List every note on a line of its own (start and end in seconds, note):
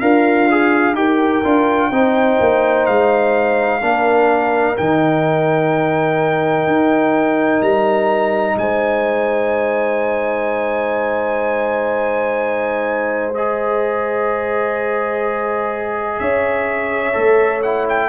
0.00 0.94 D4
0.00 0.96 F4
0.00 0.49 A#4
0.00 0.95 F5
0.51 0.95 G#4
0.94 1.42 D#4
0.94 1.43 G4
0.94 1.90 A#4
0.94 2.86 G5
1.44 1.91 D4
1.44 1.92 F4
1.90 2.39 C4
1.90 3.81 D#4
1.90 3.80 C5
2.40 2.88 A#3
2.86 3.82 G#3
2.86 4.76 F5
3.80 4.77 A#3
3.80 4.77 D4
3.80 8.57 A#4
4.77 6.67 D#3
4.77 13.34 D#4
4.77 7.62 G5
6.67 7.61 D#4
7.61 8.56 G3
7.61 8.58 A#5
8.58 16.20 G#3
8.58 16.21 C5
8.58 13.35 G#5
13.35 17.13 G#4
13.35 16.19 D#5
16.19 17.16 C#4
16.19 18.09 C#5
16.19 17.62 E5
17.13 18.09 A3
17.13 17.61 A4
17.63 18.09 E4
17.63 17.87 F#5
17.89 18.09 G5